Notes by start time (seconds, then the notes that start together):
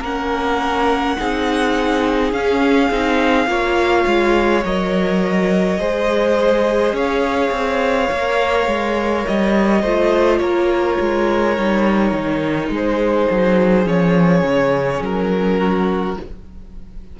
0.00 A#3 C#4 A#4 F#5
1.17 C4 D#4 G#4
2.32 C#4 F5
2.90 C4 D#4
3.46 A#3 F4 C#5
4.06 G#3
4.64 F#3 A#4 D#5
5.78 G#3 G#4 C5
6.92 C#4 C#5 F5
7.51 C4
8.11 A#3 A#4
8.67 G#3
9.27 G3 D#5
9.81 A3 F4 C5
10.38 A#3 A#4 C#5
11.00 G#3
11.57 G3 D#4
12.12 D#3
12.69 G#3 G#4
12.75 C5
13.30 F#3
13.84 F3 C#4 C#5
14.42 C#3
15.01 F#3 A#4
15.58 F#4